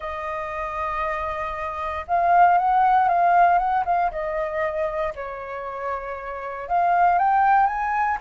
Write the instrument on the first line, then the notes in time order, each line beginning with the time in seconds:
flute
0.00 D#5
2.07 F5
2.58 F#5
3.08 F5
3.58 F#5
3.85 F5
4.11 D#5
5.15 C#5
6.68 F5
7.18 G5
7.66 G#5